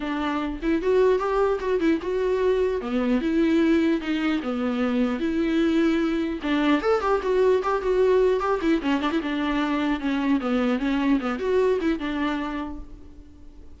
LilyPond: \new Staff \with { instrumentName = "viola" } { \time 4/4 \tempo 4 = 150 d'4. e'8 fis'4 g'4 | fis'8 e'8 fis'2 b4 | e'2 dis'4 b4~ | b4 e'2. |
d'4 a'8 g'8 fis'4 g'8 fis'8~ | fis'4 g'8 e'8 cis'8 d'16 e'16 d'4~ | d'4 cis'4 b4 cis'4 | b8 fis'4 e'8 d'2 | }